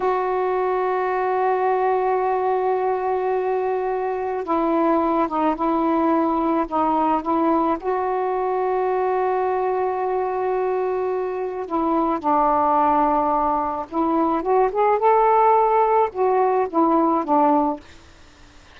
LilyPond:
\new Staff \with { instrumentName = "saxophone" } { \time 4/4 \tempo 4 = 108 fis'1~ | fis'1 | e'4. dis'8 e'2 | dis'4 e'4 fis'2~ |
fis'1~ | fis'4 e'4 d'2~ | d'4 e'4 fis'8 gis'8 a'4~ | a'4 fis'4 e'4 d'4 | }